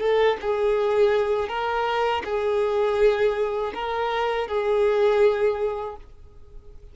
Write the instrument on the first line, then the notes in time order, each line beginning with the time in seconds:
violin
0.00 A4
0.41 G#4
1.48 A#4
2.25 G#4
3.74 A#4
4.48 G#4